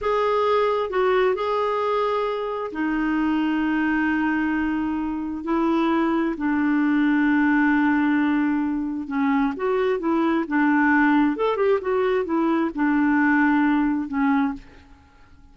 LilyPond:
\new Staff \with { instrumentName = "clarinet" } { \time 4/4 \tempo 4 = 132 gis'2 fis'4 gis'4~ | gis'2 dis'2~ | dis'1 | e'2 d'2~ |
d'1 | cis'4 fis'4 e'4 d'4~ | d'4 a'8 g'8 fis'4 e'4 | d'2. cis'4 | }